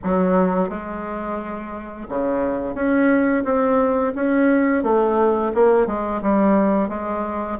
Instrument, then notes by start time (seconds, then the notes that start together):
bassoon
0.03 F#3
0.69 G#3
2.08 C#3
2.74 C#4
3.44 C4
4.15 C#4
4.83 A3
5.54 A#3
5.87 G#3
6.21 G3
6.88 G#3